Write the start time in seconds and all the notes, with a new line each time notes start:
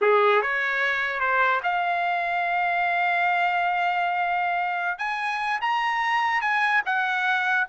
0.01 G#4
0.42 C#5
1.20 C5
1.63 F5
4.98 G#5
5.61 A#5
6.41 G#5
6.85 F#5